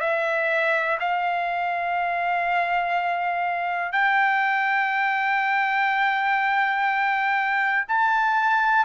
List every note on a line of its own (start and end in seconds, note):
0.00 0.98 E5
1.00 3.92 F5
3.92 7.86 G5
7.88 8.85 A5